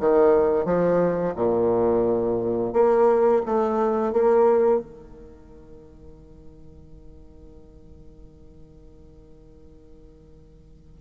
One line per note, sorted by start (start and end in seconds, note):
0.00 0.65 D#3
0.65 1.34 F3
1.36 2.73 A#2
2.73 3.42 A#3
3.46 4.13 A3
4.13 4.80 A#3
4.80 11.01 D#3